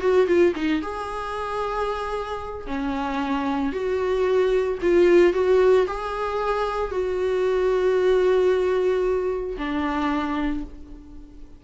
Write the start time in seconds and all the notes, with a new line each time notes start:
0.00 F#4
0.26 F4
0.55 D#4
0.82 G#4
2.66 C#4
3.72 F#4
4.82 F4
5.33 F#4
5.87 G#4
6.91 F#4
9.57 D4